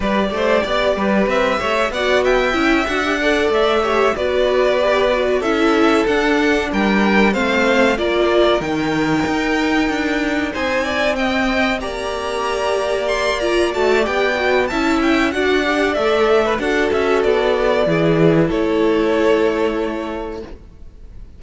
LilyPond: <<
  \new Staff \with { instrumentName = "violin" } { \time 4/4 \tempo 4 = 94 d''2 e''4 fis''8 g''8~ | g''8 fis''4 e''4 d''4.~ | d''8 e''4 fis''4 g''4 f''8~ | f''8 d''4 g''2~ g''8~ |
g''8 gis''4 g''4 ais''4.~ | ais''8 c'''8 ais''8 a''8 g''4 a''8 g''8 | fis''4 e''4 fis''8 e''8 d''4~ | d''4 cis''2. | }
  \new Staff \with { instrumentName = "violin" } { \time 4/4 b'8 c''8 d''8 b'4 cis''8 d''8 e''8~ | e''4 d''4 cis''8 b'4.~ | b'8 a'2 ais'4 c''8~ | c''8 ais'2.~ ais'8~ |
ais'8 c''8 d''8 dis''4 d''4.~ | d''2. e''4 | d''4.~ d''16 b'16 a'2 | gis'4 a'2. | }
  \new Staff \with { instrumentName = "viola" } { \time 4/4 g'2. fis'4 | e'8 fis'16 g'16 a'4 g'8 fis'4 g'8 | fis'8 e'4 d'2 c'8~ | c'8 f'4 dis'2~ dis'8~ |
dis'4. c'4 g'4.~ | g'4 f'8 fis'8 g'8 fis'8 e'4 | fis'8 g'8 a'4 fis'2 | e'1 | }
  \new Staff \with { instrumentName = "cello" } { \time 4/4 g8 a8 b8 g8 c'8 a8 b4 | cis'8 d'4 a4 b4.~ | b8 cis'4 d'4 g4 a8~ | a8 ais4 dis4 dis'4 d'8~ |
d'8 c'2 ais4.~ | ais4. a8 b4 cis'4 | d'4 a4 d'8 cis'8 b4 | e4 a2. | }
>>